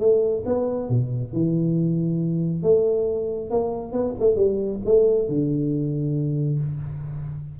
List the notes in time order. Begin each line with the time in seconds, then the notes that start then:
0.00 A3
0.46 B3
0.89 B2
1.33 E3
2.63 A3
3.51 A#3
3.92 B3
4.20 A3
4.36 G3
4.85 A3
5.28 D3